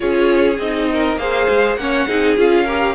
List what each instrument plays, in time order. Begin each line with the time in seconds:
0.00 cello C#4, viola F4, violin G#4 C#5
0.58 cello C4, viola D#4, violin D#5
0.92 violin A#4
1.17 cello A#3, viola G#4, violin C5 F5
1.49 cello G#3
1.75 cello A#3, viola C#4, violin C#5 F#5
2.07 cello C4, viola D#4, violin G#4
2.36 cello C#4, viola F4, violin F5
2.64 viola G4, violin A#4